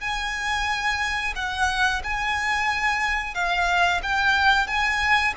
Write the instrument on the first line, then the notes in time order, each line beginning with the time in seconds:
violin
0.00 G#5
1.35 F#5
2.03 G#5
3.34 F5
4.03 G5
4.67 G#5